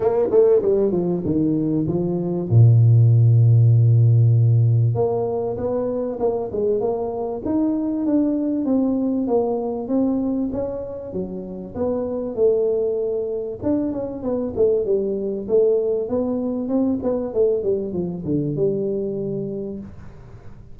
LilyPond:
\new Staff \with { instrumentName = "tuba" } { \time 4/4 \tempo 4 = 97 ais8 a8 g8 f8 dis4 f4 | ais,1 | ais4 b4 ais8 gis8 ais4 | dis'4 d'4 c'4 ais4 |
c'4 cis'4 fis4 b4 | a2 d'8 cis'8 b8 a8 | g4 a4 b4 c'8 b8 | a8 g8 f8 d8 g2 | }